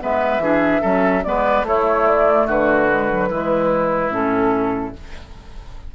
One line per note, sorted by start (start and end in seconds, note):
0.00 0.38 G#3
0.00 0.41 B3
0.00 0.43 B4
0.00 1.24 E5
0.38 0.79 E3
0.38 0.82 D4
0.38 0.81 G#4
0.81 1.25 F#3
0.81 1.23 C#4
0.81 1.22 A4
1.24 1.63 G#3
1.24 1.66 B3
1.24 1.67 B4
1.24 1.65 D5
1.63 2.45 A3
1.63 2.89 A3
1.63 2.47 E4
1.63 2.07 C#5
2.07 2.48 D5
2.47 3.29 D3
2.47 3.29 F#4
2.47 4.13 B4
2.89 3.10 G#3
3.11 3.31 F#3
3.29 4.10 E3
3.29 4.11 G#3
3.29 4.94 E4
4.10 4.92 A2
4.10 4.93 C#4
4.10 4.95 A4